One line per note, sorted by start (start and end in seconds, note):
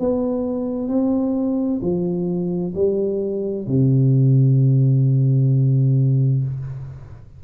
0.00 0.88 B3
0.88 1.80 C4
1.81 2.74 F3
2.74 3.67 G3
3.67 6.44 C3